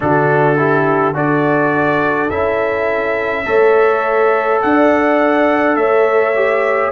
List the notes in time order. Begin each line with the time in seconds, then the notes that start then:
0.00 D3 D4 F#4 A4
0.57 E4 G4
1.13 D4 F#4 A4 D5
2.30 C#4 E4 E5
3.45 A3 A4 C#5
4.61 D4 D5 F#5
5.76 A3 C#5 E5
6.35 G4